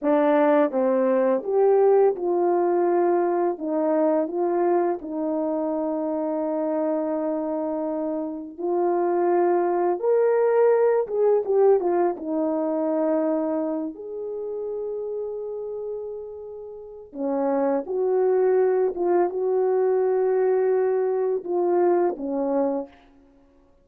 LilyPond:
\new Staff \with { instrumentName = "horn" } { \time 4/4 \tempo 4 = 84 d'4 c'4 g'4 f'4~ | f'4 dis'4 f'4 dis'4~ | dis'1 | f'2 ais'4. gis'8 |
g'8 f'8 dis'2~ dis'8 gis'8~ | gis'1 | cis'4 fis'4. f'8 fis'4~ | fis'2 f'4 cis'4 | }